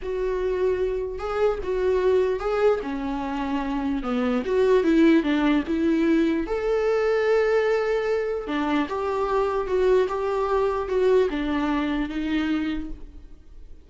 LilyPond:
\new Staff \with { instrumentName = "viola" } { \time 4/4 \tempo 4 = 149 fis'2. gis'4 | fis'2 gis'4 cis'4~ | cis'2 b4 fis'4 | e'4 d'4 e'2 |
a'1~ | a'4 d'4 g'2 | fis'4 g'2 fis'4 | d'2 dis'2 | }